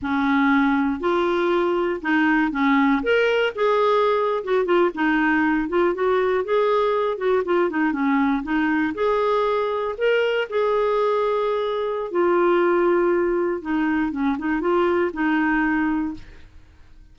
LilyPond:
\new Staff \with { instrumentName = "clarinet" } { \time 4/4 \tempo 4 = 119 cis'2 f'2 | dis'4 cis'4 ais'4 gis'4~ | gis'8. fis'8 f'8 dis'4. f'8 fis'16~ | fis'8. gis'4. fis'8 f'8 dis'8 cis'16~ |
cis'8. dis'4 gis'2 ais'16~ | ais'8. gis'2.~ gis'16 | f'2. dis'4 | cis'8 dis'8 f'4 dis'2 | }